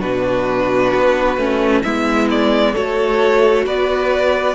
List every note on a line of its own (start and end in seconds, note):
0.00 0.92 B2
0.00 1.37 D4
0.00 1.82 F#4
0.00 1.83 B4
0.94 1.37 B3
1.37 1.83 A3
1.37 1.84 C#4
1.83 2.76 G#3
1.83 2.75 B3
1.83 2.73 E4
1.83 2.28 E5
2.31 2.75 D5
2.73 3.66 A3
2.73 4.55 F#4
2.73 3.63 A4
2.73 3.66 C#5
3.66 4.55 B3
3.66 4.55 B4
3.66 4.55 D5